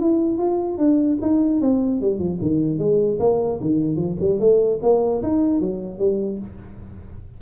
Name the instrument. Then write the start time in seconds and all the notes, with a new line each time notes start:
tuba
0.00 E4
0.39 F4
0.78 D4
1.22 D#4
1.61 C4
2.01 G3
2.20 F3
2.42 D#3
2.79 G#3
3.20 A#3
3.61 D#3
3.97 F3
4.21 G3
4.40 A3
4.83 A#3
5.23 D#4
5.61 F#3
5.99 G3